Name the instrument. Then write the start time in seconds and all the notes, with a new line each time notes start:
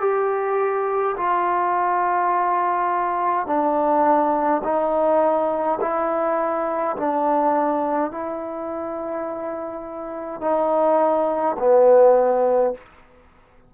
trombone
0.00 G4
1.17 F4
3.46 D4
4.64 D#4
5.81 E4
6.96 D4
8.11 E4
10.41 D#4
11.59 B3